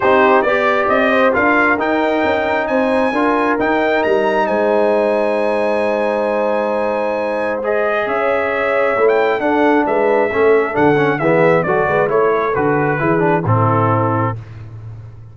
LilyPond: <<
  \new Staff \with { instrumentName = "trumpet" } { \time 4/4 \tempo 4 = 134 c''4 d''4 dis''4 f''4 | g''2 gis''2 | g''4 ais''4 gis''2~ | gis''1~ |
gis''4 dis''4 e''2~ | e''16 g''8. fis''4 e''2 | fis''4 e''4 d''4 cis''4 | b'2 a'2 | }
  \new Staff \with { instrumentName = "horn" } { \time 4/4 g'4 d''4. c''8 ais'4~ | ais'2 c''4 ais'4~ | ais'2 c''2~ | c''1~ |
c''2 cis''2~ | cis''4 a'4 b'4 a'4~ | a'4 gis'4 a'8 b'8 cis''8 a'8~ | a'4 gis'4 e'2 | }
  \new Staff \with { instrumentName = "trombone" } { \time 4/4 dis'4 g'2 f'4 | dis'2. f'4 | dis'1~ | dis'1~ |
dis'4 gis'2. | e'4 d'2 cis'4 | d'8 cis'8 b4 fis'4 e'4 | fis'4 e'8 d'8 c'2 | }
  \new Staff \with { instrumentName = "tuba" } { \time 4/4 c'4 b4 c'4 d'4 | dis'4 cis'4 c'4 d'4 | dis'4 g4 gis2~ | gis1~ |
gis2 cis'2 | a4 d'4 gis4 a4 | d4 e4 fis8 gis8 a4 | d4 e4 a,2 | }
>>